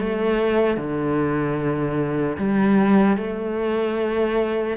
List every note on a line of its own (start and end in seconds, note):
0.00 0.77 A3
0.77 2.37 D3
2.38 3.17 G3
3.17 4.77 A3